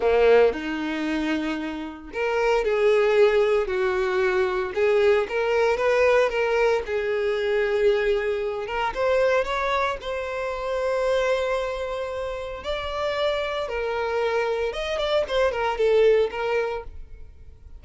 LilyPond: \new Staff \with { instrumentName = "violin" } { \time 4/4 \tempo 4 = 114 ais4 dis'2. | ais'4 gis'2 fis'4~ | fis'4 gis'4 ais'4 b'4 | ais'4 gis'2.~ |
gis'8 ais'8 c''4 cis''4 c''4~ | c''1 | d''2 ais'2 | dis''8 d''8 c''8 ais'8 a'4 ais'4 | }